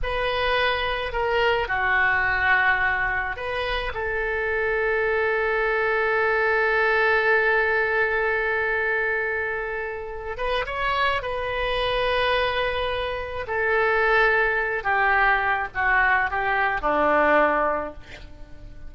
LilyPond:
\new Staff \with { instrumentName = "oboe" } { \time 4/4 \tempo 4 = 107 b'2 ais'4 fis'4~ | fis'2 b'4 a'4~ | a'1~ | a'1~ |
a'2~ a'8 b'8 cis''4 | b'1 | a'2~ a'8 g'4. | fis'4 g'4 d'2 | }